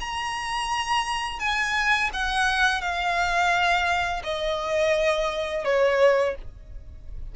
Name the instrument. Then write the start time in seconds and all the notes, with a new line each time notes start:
violin
0.00 A#5
1.39 G#5
2.13 F#5
2.81 F5
4.24 D#5
5.65 C#5